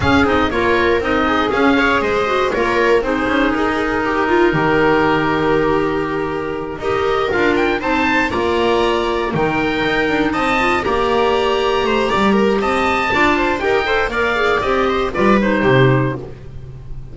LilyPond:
<<
  \new Staff \with { instrumentName = "oboe" } { \time 4/4 \tempo 4 = 119 f''8 dis''8 cis''4 dis''4 f''4 | dis''4 cis''4 c''4 ais'4~ | ais'1~ | ais'4. dis''4 f''8 g''8 a''8~ |
a''8 ais''2 g''4.~ | g''8 a''4 ais''2~ ais''8~ | ais''4 a''2 g''4 | f''4 dis''4 d''8 c''4. | }
  \new Staff \with { instrumentName = "viola" } { \time 4/4 gis'4 ais'4. gis'4 cis''8 | c''4 ais'4 gis'2 | g'8 f'8 g'2.~ | g'4. ais'2 c''8~ |
c''8 d''2 ais'4.~ | ais'8 dis''4 d''2 c''8 | d''8 ais'8 dis''4 d''8 c''8 ais'8 c''8 | d''4. c''8 b'4 g'4 | }
  \new Staff \with { instrumentName = "clarinet" } { \time 4/4 cis'8 dis'8 f'4 dis'4 cis'8 gis'8~ | gis'8 fis'8 f'4 dis'2~ | dis'1~ | dis'4. g'4 f'4 dis'8~ |
dis'8 f'2 dis'4.~ | dis'4 f'8 g'2~ g'8~ | g'2 f'4 g'8 a'8 | ais'8 gis'8 g'4 f'8 dis'4. | }
  \new Staff \with { instrumentName = "double bass" } { \time 4/4 cis'8 c'8 ais4 c'4 cis'4 | gis4 ais4 c'8 cis'8 dis'4~ | dis'4 dis2.~ | dis4. dis'4 d'4 c'8~ |
c'8 ais2 dis4 dis'8 | d'8 c'4 ais2 a8 | g4 c'4 d'4 dis'4 | ais4 c'4 g4 c4 | }
>>